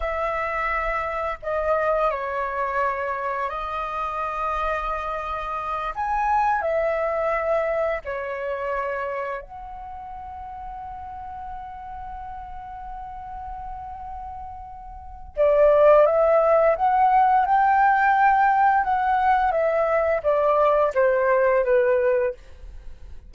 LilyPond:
\new Staff \with { instrumentName = "flute" } { \time 4/4 \tempo 4 = 86 e''2 dis''4 cis''4~ | cis''4 dis''2.~ | dis''8 gis''4 e''2 cis''8~ | cis''4. fis''2~ fis''8~ |
fis''1~ | fis''2 d''4 e''4 | fis''4 g''2 fis''4 | e''4 d''4 c''4 b'4 | }